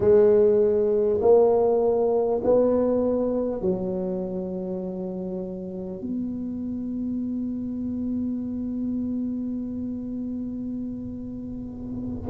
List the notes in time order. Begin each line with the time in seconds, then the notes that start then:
0.00 G#3
1.21 A#3
2.43 B3
3.61 F#3
6.00 B3